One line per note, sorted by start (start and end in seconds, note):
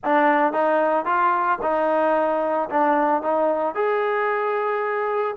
0.04 0.52 D4
0.52 1.05 D#4
1.05 1.58 F4
1.62 2.69 D#4
2.69 3.22 D4
3.22 3.74 D#4
3.74 5.35 G#4